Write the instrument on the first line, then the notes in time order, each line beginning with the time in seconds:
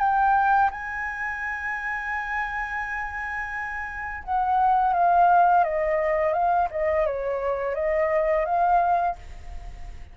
flute
0.00 G5
0.71 G#5
4.24 F#5
4.94 F5
5.65 D#5
6.33 F5
6.71 D#5
7.06 C#5
7.75 D#5
8.45 F5